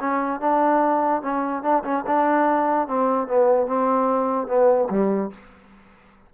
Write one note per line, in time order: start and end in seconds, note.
0.00 0.40 C#4
0.40 1.22 D4
1.22 1.63 C#4
1.63 1.83 D4
1.84 2.05 C#4
2.07 2.88 D4
2.88 3.28 C4
3.28 3.67 B3
3.67 4.48 C4
4.48 4.89 B3
4.90 5.31 G3